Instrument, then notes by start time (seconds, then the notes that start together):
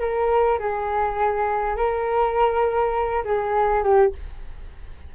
flute
0.00 A#4
0.59 G#4
1.76 A#4
3.25 G#4
3.83 G4